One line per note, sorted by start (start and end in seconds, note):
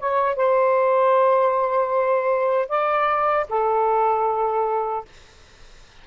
0.00 0.36 C#5
0.36 2.69 C5
2.69 3.47 D5
3.50 5.06 A4